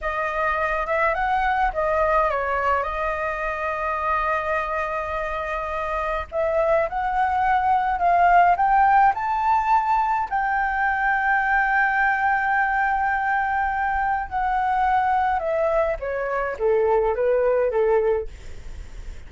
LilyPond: \new Staff \with { instrumentName = "flute" } { \time 4/4 \tempo 4 = 105 dis''4. e''8 fis''4 dis''4 | cis''4 dis''2.~ | dis''2. e''4 | fis''2 f''4 g''4 |
a''2 g''2~ | g''1~ | g''4 fis''2 e''4 | cis''4 a'4 b'4 a'4 | }